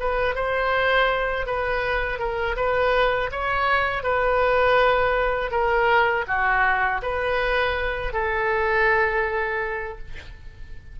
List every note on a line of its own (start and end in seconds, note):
0.00 0.35 B4
0.35 1.46 C5
1.46 2.19 B4
2.19 2.56 A#4
2.57 3.31 B4
3.32 4.03 C#5
4.03 5.51 B4
5.51 6.25 A#4
6.28 7.02 F#4
7.03 8.13 B4
8.13 9.98 A4